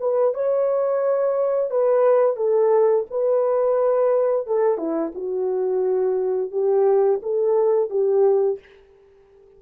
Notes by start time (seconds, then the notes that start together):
0.00 B4
0.34 C#5
1.70 B4
2.36 A4
3.10 B4
4.47 A4
4.77 E4
5.15 F#4
6.51 G4
7.23 A4
7.90 G4